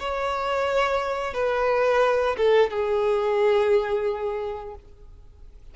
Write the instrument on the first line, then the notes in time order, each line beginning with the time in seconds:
violin
0.00 C#5
1.34 B4
2.37 A4
2.71 G#4